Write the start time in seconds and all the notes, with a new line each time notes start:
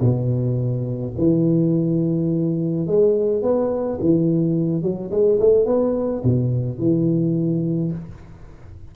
0.00 B2
1.18 E3
2.86 G#3
3.42 B3
4.00 E3
4.82 F#3
5.11 G#3
5.40 A3
5.65 B3
6.24 B2
6.78 E3